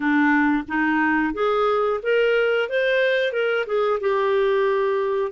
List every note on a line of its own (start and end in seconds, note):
0.00 0.63 D4
0.68 1.33 D#4
1.33 2.00 G#4
2.02 2.69 A#4
2.69 3.32 C5
3.32 3.65 A#4
3.66 3.99 G#4
4.00 5.31 G4